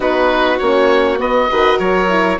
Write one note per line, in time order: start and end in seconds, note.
0.00 0.59 B3
0.00 0.59 D#4
0.00 1.49 F#4
0.00 0.58 B4
0.58 1.19 A#3
0.58 1.17 C#4
0.58 1.18 C#5
1.17 1.47 B3
1.17 1.49 B3
1.17 1.79 D#5
1.49 1.79 D#3
1.49 2.08 F#4
1.49 1.78 B4
1.78 2.39 F#3
1.78 2.38 A#4
1.78 2.39 C#5
2.08 2.38 E4